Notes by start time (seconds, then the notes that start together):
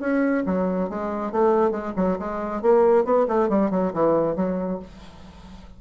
0.00 C#4
0.46 F#3
0.89 G#3
1.32 A3
1.71 G#3
1.96 F#3
2.19 G#3
2.62 A#3
3.05 B3
3.27 A3
3.49 G3
3.71 F#3
3.93 E3
4.36 F#3